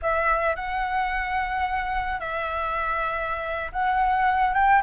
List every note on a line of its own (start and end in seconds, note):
0.02 0.55 E5
0.55 2.20 F#5
2.20 3.71 E5
3.72 4.54 F#5
4.54 4.81 G5